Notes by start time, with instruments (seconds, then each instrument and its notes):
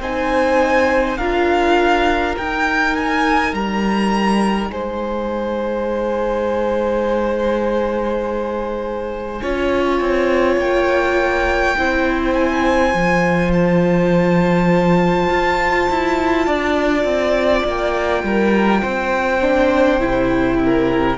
0.00 cello C4, viola D#4, violin C5 G#5
1.17 cello D4, viola F4, violin A#4 F5
2.37 viola D#4, cello D#4, violin G5
2.96 violin G#5
3.53 cello G3, violin A#5
4.70 cello G#3, violin C5 G#5
9.42 cello C#4, viola F4, violin C#5
10.00 cello C4
10.57 cello A#3, violin G5
11.77 cello C4, viola E4, violin C5
12.33 violin G#5
12.92 cello F3, viola F4
13.53 violin A5
15.30 cello F4
15.89 cello E4
16.46 cello D4, violin D5
17.04 cello C4
17.64 cello A#3, violin G5
18.23 cello G3, violin A#4
18.82 cello C4, violin C5
19.42 viola D4
20.00 cello C3, viola E4
20.64 violin A#4